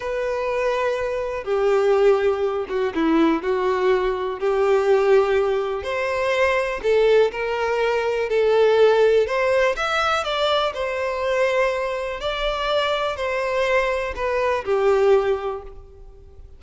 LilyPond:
\new Staff \with { instrumentName = "violin" } { \time 4/4 \tempo 4 = 123 b'2. g'4~ | g'4. fis'8 e'4 fis'4~ | fis'4 g'2. | c''2 a'4 ais'4~ |
ais'4 a'2 c''4 | e''4 d''4 c''2~ | c''4 d''2 c''4~ | c''4 b'4 g'2 | }